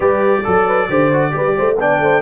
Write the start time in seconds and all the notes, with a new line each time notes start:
0.00 G3 G4 B4 D5
0.44 F#3 A4
0.66 B4
0.89 D3 G4 C5
1.12 F#4
1.31 G3 G4 B4
1.56 A3 C5
1.77 B3 D4 D5 G5
1.99 A3 C5